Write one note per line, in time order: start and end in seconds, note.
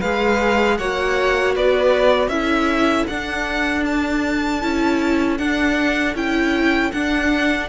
0.00 0.79 G#3
0.00 0.79 G#4
0.00 0.77 B4
0.00 0.77 F5
0.77 1.55 A#3
0.77 2.31 F#4
0.77 1.55 C#5
0.77 1.54 F#5
1.55 2.27 B3
1.55 2.31 B4
1.55 2.28 D5
2.27 3.04 C#4
2.27 3.08 E4
2.27 7.69 A4
2.27 3.05 E5
3.07 4.63 D4
3.07 4.61 D4
3.07 3.84 F#5
3.85 5.37 A5
4.61 5.39 C#4
4.61 5.38 E4
5.37 6.15 D4
5.37 6.14 D4
5.37 6.14 F#5
6.14 6.91 C#4
6.14 6.92 E4
6.14 6.91 G5
6.91 7.69 D4
6.91 7.68 F#5